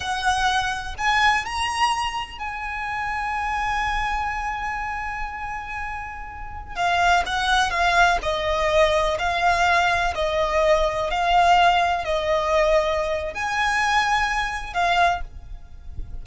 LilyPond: \new Staff \with { instrumentName = "violin" } { \time 4/4 \tempo 4 = 126 fis''2 gis''4 ais''4~ | ais''4 gis''2.~ | gis''1~ | gis''2~ gis''16 f''4 fis''8.~ |
fis''16 f''4 dis''2 f''8.~ | f''4~ f''16 dis''2 f''8.~ | f''4~ f''16 dis''2~ dis''8. | gis''2. f''4 | }